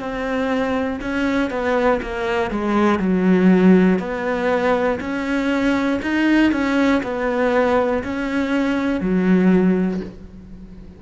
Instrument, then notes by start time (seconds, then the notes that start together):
cello
0.00 C4
1.02 C#4
1.50 B3
2.03 A#3
2.51 G#3
3.00 F#3
3.99 B3
5.00 C#4
6.03 D#4
6.52 C#4
7.03 B3
8.04 C#4
9.01 F#3